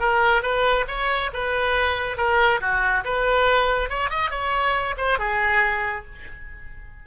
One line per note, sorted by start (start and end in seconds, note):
0.00 0.43 A#4
0.43 0.86 B4
0.88 1.31 C#5
1.34 2.18 B4
2.18 2.61 A#4
2.61 3.05 F#4
3.05 3.90 B4
3.90 4.10 C#5
4.10 4.31 D#5
4.31 4.96 C#5
4.97 5.19 C5
5.19 6.05 G#4